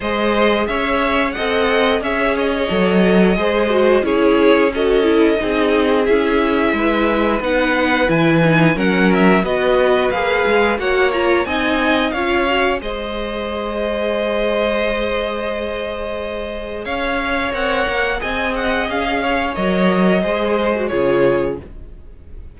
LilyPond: <<
  \new Staff \with { instrumentName = "violin" } { \time 4/4 \tempo 4 = 89 dis''4 e''4 fis''4 e''8 dis''8~ | dis''2 cis''4 dis''4~ | dis''4 e''2 fis''4 | gis''4 fis''8 e''8 dis''4 f''4 |
fis''8 ais''8 gis''4 f''4 dis''4~ | dis''1~ | dis''4 f''4 fis''4 gis''8 fis''8 | f''4 dis''2 cis''4 | }
  \new Staff \with { instrumentName = "violin" } { \time 4/4 c''4 cis''4 dis''4 cis''4~ | cis''4 c''4 gis'4 a'4 | gis'2 b'2~ | b'4 ais'4 b'2 |
cis''4 dis''4 cis''4 c''4~ | c''1~ | c''4 cis''2 dis''4~ | dis''8 cis''4. c''4 gis'4 | }
  \new Staff \with { instrumentName = "viola" } { \time 4/4 gis'2 a'4 gis'4 | a'4 gis'8 fis'8 e'4 fis'8 e'8 | dis'4 e'2 dis'4 | e'8 dis'8 cis'4 fis'4 gis'4 |
fis'8 f'8 dis'4 f'8 fis'8 gis'4~ | gis'1~ | gis'2 ais'4 gis'4~ | gis'4 ais'4 gis'8. fis'16 f'4 | }
  \new Staff \with { instrumentName = "cello" } { \time 4/4 gis4 cis'4 c'4 cis'4 | fis4 gis4 cis'2 | c'4 cis'4 gis4 b4 | e4 fis4 b4 ais8 gis8 |
ais4 c'4 cis'4 gis4~ | gis1~ | gis4 cis'4 c'8 ais8 c'4 | cis'4 fis4 gis4 cis4 | }
>>